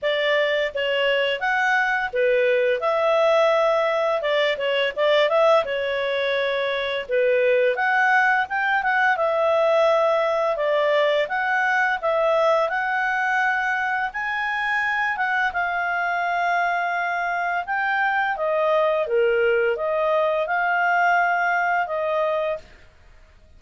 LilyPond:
\new Staff \with { instrumentName = "clarinet" } { \time 4/4 \tempo 4 = 85 d''4 cis''4 fis''4 b'4 | e''2 d''8 cis''8 d''8 e''8 | cis''2 b'4 fis''4 | g''8 fis''8 e''2 d''4 |
fis''4 e''4 fis''2 | gis''4. fis''8 f''2~ | f''4 g''4 dis''4 ais'4 | dis''4 f''2 dis''4 | }